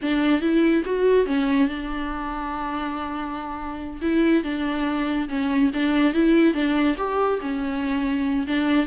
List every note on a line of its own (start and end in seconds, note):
0.02 0.41 D4
0.41 0.83 E4
0.85 1.26 F#4
1.26 1.68 C#4
1.68 4.00 D4
4.01 4.43 E4
4.43 5.28 D4
5.28 5.71 C#4
5.73 6.13 D4
6.13 6.53 E4
6.53 6.96 D4
6.97 7.39 G4
7.40 8.46 C#4
8.47 8.86 D4